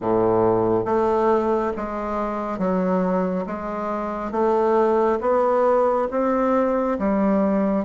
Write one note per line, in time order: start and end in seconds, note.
0.00 0.85 A2
0.85 1.72 A3
1.76 2.58 G#3
2.58 3.45 F#3
3.46 4.31 G#3
4.31 5.18 A3
5.21 6.08 B3
6.11 6.98 C4
6.98 7.84 G3